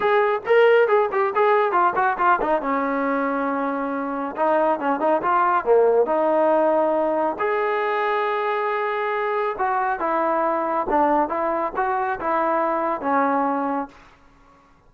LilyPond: \new Staff \with { instrumentName = "trombone" } { \time 4/4 \tempo 4 = 138 gis'4 ais'4 gis'8 g'8 gis'4 | f'8 fis'8 f'8 dis'8 cis'2~ | cis'2 dis'4 cis'8 dis'8 | f'4 ais4 dis'2~ |
dis'4 gis'2.~ | gis'2 fis'4 e'4~ | e'4 d'4 e'4 fis'4 | e'2 cis'2 | }